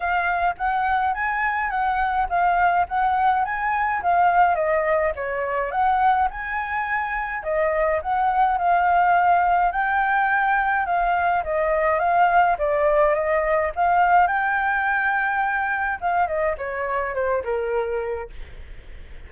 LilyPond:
\new Staff \with { instrumentName = "flute" } { \time 4/4 \tempo 4 = 105 f''4 fis''4 gis''4 fis''4 | f''4 fis''4 gis''4 f''4 | dis''4 cis''4 fis''4 gis''4~ | gis''4 dis''4 fis''4 f''4~ |
f''4 g''2 f''4 | dis''4 f''4 d''4 dis''4 | f''4 g''2. | f''8 dis''8 cis''4 c''8 ais'4. | }